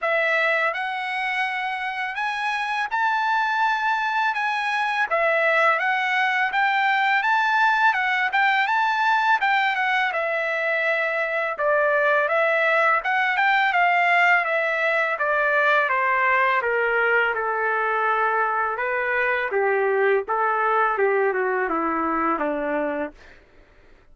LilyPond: \new Staff \with { instrumentName = "trumpet" } { \time 4/4 \tempo 4 = 83 e''4 fis''2 gis''4 | a''2 gis''4 e''4 | fis''4 g''4 a''4 fis''8 g''8 | a''4 g''8 fis''8 e''2 |
d''4 e''4 fis''8 g''8 f''4 | e''4 d''4 c''4 ais'4 | a'2 b'4 g'4 | a'4 g'8 fis'8 e'4 d'4 | }